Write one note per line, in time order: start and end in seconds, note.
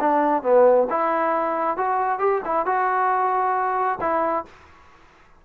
0.00 0.42 D4
0.42 0.87 B3
0.89 1.77 E4
1.77 2.19 F#4
2.19 2.41 G4
2.45 2.65 E4
2.65 3.99 F#4
4.00 4.45 E4